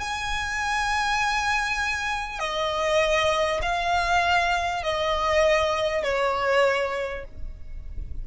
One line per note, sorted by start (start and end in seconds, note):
0.00 2.39 G#5
2.39 3.60 D#5
3.62 4.83 F5
4.83 6.03 D#5
6.03 7.24 C#5